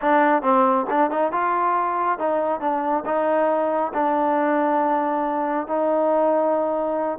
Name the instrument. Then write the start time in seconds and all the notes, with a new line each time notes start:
trombone
0.01 D4
0.42 C4
0.90 D4
1.10 D#4
1.31 F4
2.19 D#4
2.60 D4
3.05 D#4
3.93 D4
5.67 D#4